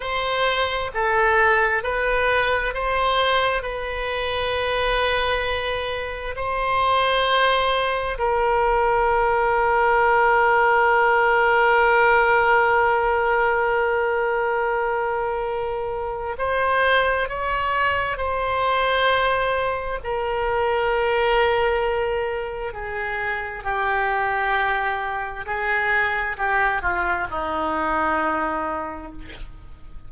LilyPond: \new Staff \with { instrumentName = "oboe" } { \time 4/4 \tempo 4 = 66 c''4 a'4 b'4 c''4 | b'2. c''4~ | c''4 ais'2.~ | ais'1~ |
ais'2 c''4 cis''4 | c''2 ais'2~ | ais'4 gis'4 g'2 | gis'4 g'8 f'8 dis'2 | }